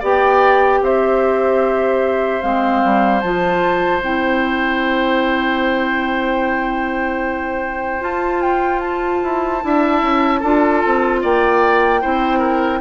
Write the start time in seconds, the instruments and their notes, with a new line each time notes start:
0.00 bassoon B3, clarinet G4, oboe D5, flute G5
0.82 bassoon C4, oboe C5, flute E5
2.42 bassoon G#3, clarinet C4, flute F5
2.84 bassoon G3
3.21 bassoon F3, clarinet F4, flute A5
4.02 bassoon C4, clarinet E4, flute G5
8.01 clarinet F4, bassoon F4, flute A5
8.42 flute G5
8.80 flute A5
9.24 bassoon E4
9.61 bassoon D4, clarinet E4, oboe E5
10.02 bassoon C#4
10.40 bassoon D4, clarinet F4, oboe A4
10.86 bassoon C4
11.22 bassoon A#3, oboe D5, flute G5
12.02 bassoon C4, clarinet E4, oboe C5
12.39 oboe A#4